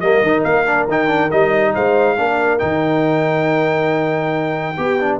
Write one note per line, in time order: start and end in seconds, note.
0.00 0.22 G3
0.00 0.25 A#3
0.00 1.73 A#4
0.00 0.43 D#5
0.22 0.43 D#3
0.22 0.66 D#4
0.44 0.87 A#3
0.44 0.87 F5
0.66 0.88 D4
0.87 1.31 D#3
0.87 1.07 D#4
0.87 1.31 G5
1.07 1.29 D4
1.31 1.76 G3
1.31 2.17 D#4
1.31 1.74 D#5
1.74 2.18 G#3
1.74 2.17 C5
1.74 2.59 F5
2.17 2.61 A#3
2.17 2.59 D4
2.17 4.77 A#4
2.59 4.78 D#3
2.59 4.74 D#4
2.59 5.18 G5
4.77 5.20 B3
4.77 5.20 G4
4.77 4.99 G4
5.00 5.20 D4